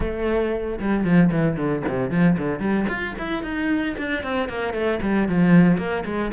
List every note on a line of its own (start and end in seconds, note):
0.00 0.79 A3
0.79 1.04 G3
1.04 1.30 F3
1.31 1.56 E3
1.56 1.83 D3
1.88 2.10 C3
2.10 2.37 F3
2.38 2.59 D3
2.59 2.85 G3
2.88 3.15 F4
3.18 3.43 E4
3.43 3.95 D#4
3.97 4.23 D4
4.23 4.49 C4
4.49 4.73 A#3
4.73 4.99 A3
5.02 5.28 G3
5.28 5.77 F3
5.77 6.04 A#3
6.05 6.31 G#3